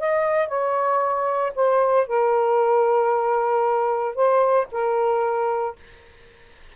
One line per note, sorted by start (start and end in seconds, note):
0.00 0.48 D#5
0.48 1.53 C#5
1.56 2.08 C5
2.08 4.16 A#4
4.16 4.68 C5
4.72 5.76 A#4